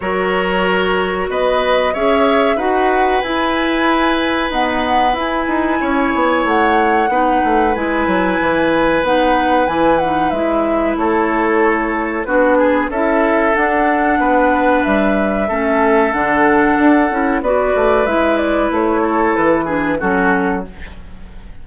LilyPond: <<
  \new Staff \with { instrumentName = "flute" } { \time 4/4 \tempo 4 = 93 cis''2 dis''4 e''4 | fis''4 gis''2 fis''4 | gis''2 fis''2 | gis''2 fis''4 gis''8 fis''8 |
e''4 cis''2 b'4 | e''4 fis''2 e''4~ | e''4 fis''2 d''4 | e''8 d''8 cis''4 b'4 a'4 | }
  \new Staff \with { instrumentName = "oboe" } { \time 4/4 ais'2 b'4 cis''4 | b'1~ | b'4 cis''2 b'4~ | b'1~ |
b'4 a'2 fis'8 gis'8 | a'2 b'2 | a'2. b'4~ | b'4. a'4 gis'8 fis'4 | }
  \new Staff \with { instrumentName = "clarinet" } { \time 4/4 fis'2. gis'4 | fis'4 e'2 b4 | e'2. dis'4 | e'2 dis'4 e'8 dis'8 |
e'2. d'4 | e'4 d'2. | cis'4 d'4. e'8 fis'4 | e'2~ e'8 d'8 cis'4 | }
  \new Staff \with { instrumentName = "bassoon" } { \time 4/4 fis2 b4 cis'4 | dis'4 e'2 dis'4 | e'8 dis'8 cis'8 b8 a4 b8 a8 | gis8 fis8 e4 b4 e4 |
gis4 a2 b4 | cis'4 d'4 b4 g4 | a4 d4 d'8 cis'8 b8 a8 | gis4 a4 e4 fis4 | }
>>